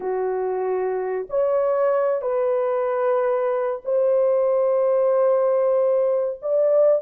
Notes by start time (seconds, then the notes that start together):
0.00 F#4
1.29 C#5
2.21 B4
3.84 C5
6.41 D5